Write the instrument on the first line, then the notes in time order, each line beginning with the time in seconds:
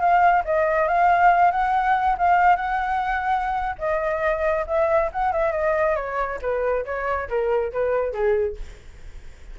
flute
0.00 F5
0.45 D#5
0.88 F5
1.51 F#5
2.18 F5
2.56 F#5
3.78 D#5
4.67 E5
5.12 F#5
5.32 E5
5.52 D#5
5.96 C#5
6.42 B4
6.85 C#5
7.29 A#4
7.73 B4
8.13 G#4